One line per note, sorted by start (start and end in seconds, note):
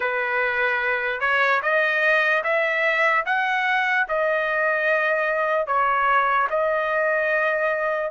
0.00 1.20 B4
1.20 1.60 C#5
1.62 2.43 D#5
2.43 3.24 E5
3.25 4.07 F#5
4.08 5.66 D#5
5.66 6.47 C#5
6.50 8.11 D#5